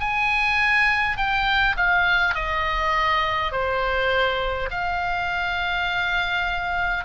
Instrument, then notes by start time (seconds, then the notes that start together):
oboe
0.00 G#5
1.17 G5
1.76 F5
2.35 D#5
3.52 C5
4.71 F5